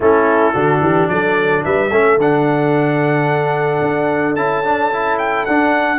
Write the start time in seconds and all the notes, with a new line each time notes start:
0.00 A3 C#4 E4 A4
0.54 D3 D4 F#4
0.80 E3 G4
1.08 F#3 A4 D5
1.65 G3 B4 E5
1.91 A3 C#4 A4
2.17 D3 D4 F#5
3.81 D4
4.35 C#4 E4 A5
4.64 D4
4.92 E4
5.18 G5
5.45 D4 F#5